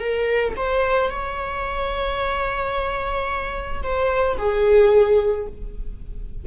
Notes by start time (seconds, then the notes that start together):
0.00 A#4
0.57 C5
1.10 C#5
3.83 C5
4.38 G#4